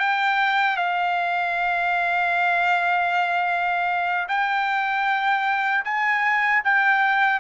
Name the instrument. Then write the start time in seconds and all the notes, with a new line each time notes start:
trumpet
0.00 G5
0.77 F5
4.29 G5
5.85 G#5
6.65 G5